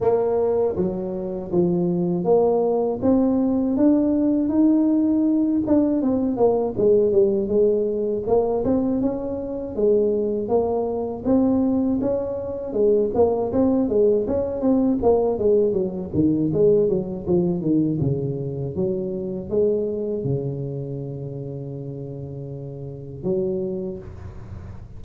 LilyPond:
\new Staff \with { instrumentName = "tuba" } { \time 4/4 \tempo 4 = 80 ais4 fis4 f4 ais4 | c'4 d'4 dis'4. d'8 | c'8 ais8 gis8 g8 gis4 ais8 c'8 | cis'4 gis4 ais4 c'4 |
cis'4 gis8 ais8 c'8 gis8 cis'8 c'8 | ais8 gis8 fis8 dis8 gis8 fis8 f8 dis8 | cis4 fis4 gis4 cis4~ | cis2. fis4 | }